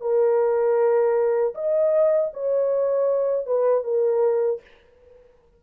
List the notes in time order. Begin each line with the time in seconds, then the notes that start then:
0.00 A#4
1.54 D#5
2.33 C#5
3.46 B4
3.84 A#4